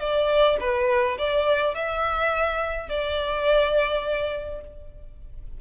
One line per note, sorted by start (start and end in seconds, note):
0.00 0.57 D5
0.60 1.17 B4
1.18 1.75 D5
1.75 2.89 E5
2.89 4.61 D5